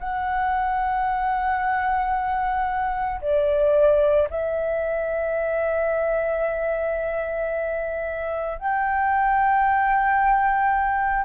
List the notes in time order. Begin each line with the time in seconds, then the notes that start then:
0.00 F#5
3.21 D5
4.31 E5
8.59 G5